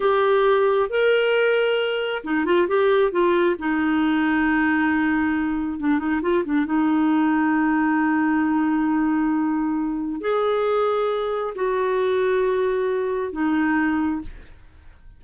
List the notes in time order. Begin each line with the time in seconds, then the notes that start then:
0.00 G4
0.89 A#4
2.24 D#4
2.45 F4
2.67 G4
3.11 F4
3.58 D#4
5.79 D4
5.98 D#4
6.21 F4
6.44 D4
6.65 D#4
10.20 G#4
11.55 F#4
13.32 D#4